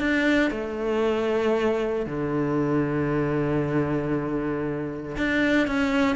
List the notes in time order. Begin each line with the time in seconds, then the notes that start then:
0.00 D4
0.51 A3
2.06 D3
5.17 D4
5.68 C#4